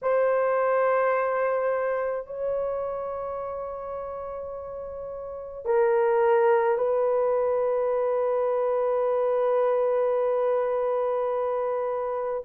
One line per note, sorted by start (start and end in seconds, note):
0.02 2.26 C5
2.26 5.64 C#5
5.64 6.77 A#4
6.77 12.43 B4